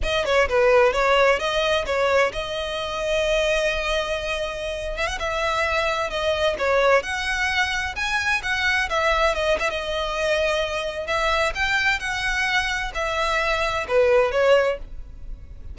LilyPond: \new Staff \with { instrumentName = "violin" } { \time 4/4 \tempo 4 = 130 dis''8 cis''8 b'4 cis''4 dis''4 | cis''4 dis''2.~ | dis''2~ dis''8. e''16 fis''16 e''8.~ | e''4~ e''16 dis''4 cis''4 fis''8.~ |
fis''4~ fis''16 gis''4 fis''4 e''8.~ | e''16 dis''8 e''16 dis''2. | e''4 g''4 fis''2 | e''2 b'4 cis''4 | }